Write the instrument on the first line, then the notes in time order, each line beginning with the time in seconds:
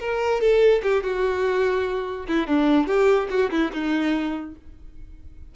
violin
0.00 A#4
0.41 A4
0.83 G4
1.03 F#4
2.28 E4
2.47 D4
2.87 G4
3.30 F#4
3.51 E4
3.73 D#4